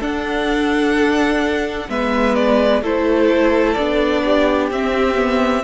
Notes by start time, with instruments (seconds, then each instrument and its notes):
0.00 viola D4, cello D4, violin A4 F#5
1.88 cello G#3, viola B3, violin B4 E5
2.35 violin D5
2.82 cello A3, viola E4, violin A4 C5
3.73 cello B3, viola D4, violin D5
4.24 violin G4
4.70 cello C4, viola C4, violin E5
5.14 viola B3